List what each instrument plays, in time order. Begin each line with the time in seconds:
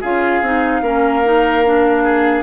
0.00 bassoon C#4, clarinet F4, oboe G#4, flute F5
0.41 bassoon C4, clarinet D#4
0.81 bassoon A#3, clarinet C#4, oboe A#4
1.24 clarinet D#4
1.65 clarinet D4
2.03 oboe G#4